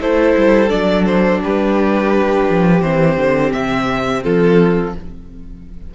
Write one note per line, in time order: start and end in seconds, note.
0.00 0.35 A3
0.00 0.68 E4
0.00 1.42 A4
0.00 0.69 C5
0.36 0.71 G3
0.68 1.42 F#3
0.68 2.80 D4
0.68 1.05 D5
1.05 1.40 C5
1.42 2.49 G3
1.42 4.23 G4
1.42 2.81 B4
2.49 2.81 F3
2.81 3.16 E3
2.81 4.94 C4
2.81 3.52 C5
3.16 3.52 D3
3.52 4.24 C3
3.52 4.23 E5
4.23 4.95 F3
4.23 4.94 F4
4.23 4.94 A4